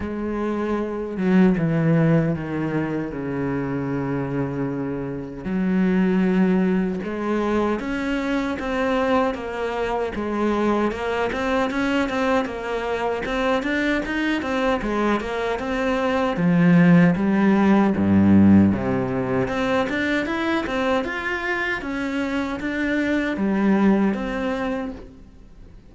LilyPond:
\new Staff \with { instrumentName = "cello" } { \time 4/4 \tempo 4 = 77 gis4. fis8 e4 dis4 | cis2. fis4~ | fis4 gis4 cis'4 c'4 | ais4 gis4 ais8 c'8 cis'8 c'8 |
ais4 c'8 d'8 dis'8 c'8 gis8 ais8 | c'4 f4 g4 g,4 | c4 c'8 d'8 e'8 c'8 f'4 | cis'4 d'4 g4 c'4 | }